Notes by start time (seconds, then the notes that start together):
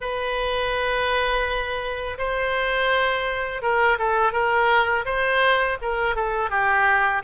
0.00 B4
2.18 C5
3.61 A#4
3.98 A4
4.32 A#4
5.05 C5
5.81 A#4
6.15 A4
6.50 G4